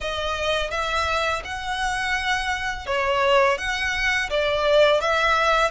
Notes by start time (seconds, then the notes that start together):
0.00 D#5
0.70 E5
1.44 F#5
2.86 C#5
3.57 F#5
4.30 D5
5.00 E5